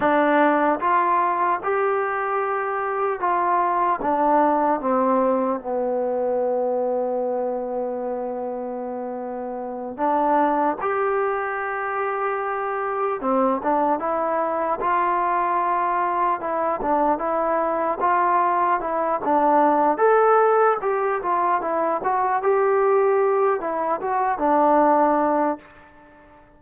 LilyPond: \new Staff \with { instrumentName = "trombone" } { \time 4/4 \tempo 4 = 75 d'4 f'4 g'2 | f'4 d'4 c'4 b4~ | b1~ | b8 d'4 g'2~ g'8~ |
g'8 c'8 d'8 e'4 f'4.~ | f'8 e'8 d'8 e'4 f'4 e'8 | d'4 a'4 g'8 f'8 e'8 fis'8 | g'4. e'8 fis'8 d'4. | }